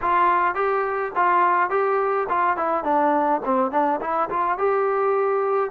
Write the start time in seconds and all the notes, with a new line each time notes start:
0.01 F4
0.55 G4
1.15 F4
1.70 G4
2.29 F4
2.56 E4
2.84 D4
3.44 C4
3.71 D4
4.00 E4
4.29 F4
4.57 G4